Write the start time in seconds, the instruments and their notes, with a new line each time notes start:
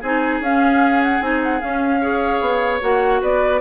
0.00 bassoon C4, clarinet D#4, oboe G#4, flute G#5
0.40 bassoon C#4, clarinet C#4, flute F5
1.02 flute F#5
1.20 bassoon C4, clarinet D#4, flute G#5
1.43 flute F#5
1.59 clarinet C#4, bassoon C#4, flute F5
2.01 clarinet G#4, oboe C#5
2.40 bassoon B3
2.81 bassoon A#3, clarinet F#4, flute F#5
3.21 bassoon B3, oboe B4, flute D5